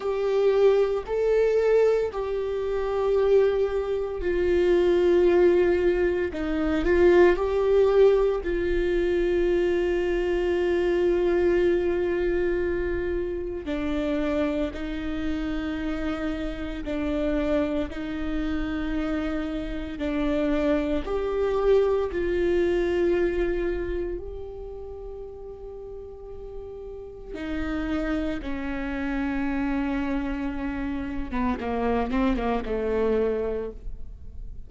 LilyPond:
\new Staff \with { instrumentName = "viola" } { \time 4/4 \tempo 4 = 57 g'4 a'4 g'2 | f'2 dis'8 f'8 g'4 | f'1~ | f'4 d'4 dis'2 |
d'4 dis'2 d'4 | g'4 f'2 g'4~ | g'2 dis'4 cis'4~ | cis'4.~ cis'16 b16 ais8 c'16 ais16 a4 | }